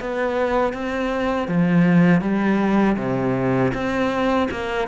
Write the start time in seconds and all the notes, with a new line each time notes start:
0.00 B3
0.73 C4
1.48 F3
2.21 G3
2.97 C3
3.74 C4
4.51 A#3